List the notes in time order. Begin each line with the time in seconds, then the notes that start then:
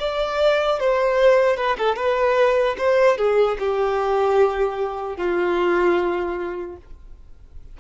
0.00 D5
0.80 C5
1.57 B4
1.79 A4
1.97 B4
2.79 C5
3.18 G#4
3.60 G4
5.17 F4